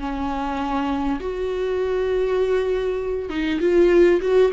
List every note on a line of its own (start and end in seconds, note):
0.00 1.20 C#4
1.21 3.30 F#4
3.30 3.60 D#4
3.61 4.21 F4
4.21 4.51 F#4